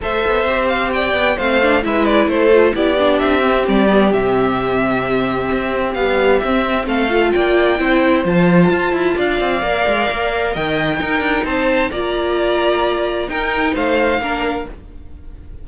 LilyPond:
<<
  \new Staff \with { instrumentName = "violin" } { \time 4/4 \tempo 4 = 131 e''4. f''8 g''4 f''4 | e''8 d''8 c''4 d''4 e''4 | d''4 e''2.~ | e''4 f''4 e''4 f''4 |
g''2 a''2 | f''2. g''4~ | g''4 a''4 ais''2~ | ais''4 g''4 f''2 | }
  \new Staff \with { instrumentName = "violin" } { \time 4/4 c''2 d''4 c''4 | b'4 a'4 g'2~ | g'1~ | g'2. a'4 |
d''4 c''2. | d''2. dis''4 | ais'4 c''4 d''2~ | d''4 ais'4 c''4 ais'4 | }
  \new Staff \with { instrumentName = "viola" } { \time 4/4 a'4 g'2 c'8 d'8 | e'4. f'8 e'8 d'4 c'8~ | c'8 b8 c'2.~ | c'4 g4 c'4. f'8~ |
f'4 e'4 f'2~ | f'4 ais'2. | dis'2 f'2~ | f'4 dis'2 d'4 | }
  \new Staff \with { instrumentName = "cello" } { \time 4/4 a8 b8 c'4. b8 a4 | gis4 a4 b4 c'4 | g4 c2. | c'4 b4 c'4 a4 |
ais4 c'4 f4 f'8 e'8 | d'8 c'8 ais8 gis8 ais4 dis4 | dis'8 d'8 c'4 ais2~ | ais4 dis'4 a4 ais4 | }
>>